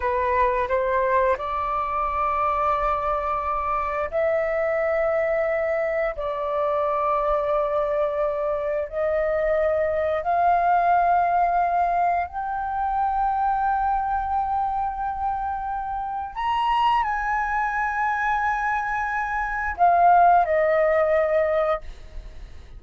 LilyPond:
\new Staff \with { instrumentName = "flute" } { \time 4/4 \tempo 4 = 88 b'4 c''4 d''2~ | d''2 e''2~ | e''4 d''2.~ | d''4 dis''2 f''4~ |
f''2 g''2~ | g''1 | ais''4 gis''2.~ | gis''4 f''4 dis''2 | }